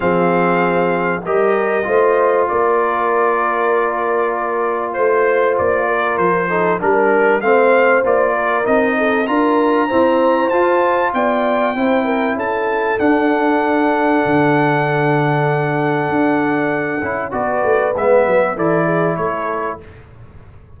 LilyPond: <<
  \new Staff \with { instrumentName = "trumpet" } { \time 4/4 \tempo 4 = 97 f''2 dis''2 | d''1 | c''4 d''4 c''4 ais'4 | f''4 d''4 dis''4 ais''4~ |
ais''4 a''4 g''2 | a''4 fis''2.~ | fis''1 | d''4 e''4 d''4 cis''4 | }
  \new Staff \with { instrumentName = "horn" } { \time 4/4 gis'2 ais'4 c''4 | ais'1 | c''4. ais'4 a'8 ais'4 | c''4. ais'4 a'8 ais'4 |
c''2 d''4 c''8 ais'8 | a'1~ | a'1 | b'2 a'8 gis'8 a'4 | }
  \new Staff \with { instrumentName = "trombone" } { \time 4/4 c'2 g'4 f'4~ | f'1~ | f'2~ f'8 dis'8 d'4 | c'4 f'4 dis'4 f'4 |
c'4 f'2 e'4~ | e'4 d'2.~ | d'2.~ d'8 e'8 | fis'4 b4 e'2 | }
  \new Staff \with { instrumentName = "tuba" } { \time 4/4 f2 g4 a4 | ais1 | a4 ais4 f4 g4 | a4 ais4 c'4 d'4 |
e'4 f'4 b4 c'4 | cis'4 d'2 d4~ | d2 d'4. cis'8 | b8 a8 gis8 fis8 e4 a4 | }
>>